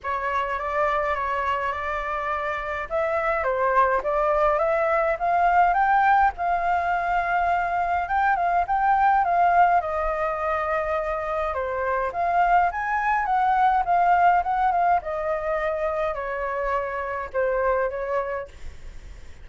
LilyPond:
\new Staff \with { instrumentName = "flute" } { \time 4/4 \tempo 4 = 104 cis''4 d''4 cis''4 d''4~ | d''4 e''4 c''4 d''4 | e''4 f''4 g''4 f''4~ | f''2 g''8 f''8 g''4 |
f''4 dis''2. | c''4 f''4 gis''4 fis''4 | f''4 fis''8 f''8 dis''2 | cis''2 c''4 cis''4 | }